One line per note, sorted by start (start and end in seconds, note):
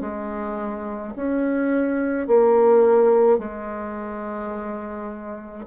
0.00 1.13 G#3
1.16 2.27 C#4
2.27 3.38 A#3
3.38 5.64 G#3